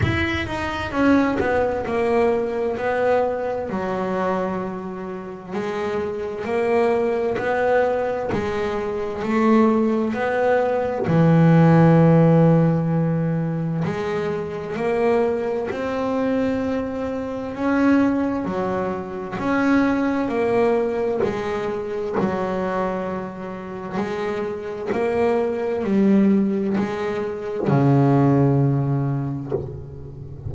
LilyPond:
\new Staff \with { instrumentName = "double bass" } { \time 4/4 \tempo 4 = 65 e'8 dis'8 cis'8 b8 ais4 b4 | fis2 gis4 ais4 | b4 gis4 a4 b4 | e2. gis4 |
ais4 c'2 cis'4 | fis4 cis'4 ais4 gis4 | fis2 gis4 ais4 | g4 gis4 cis2 | }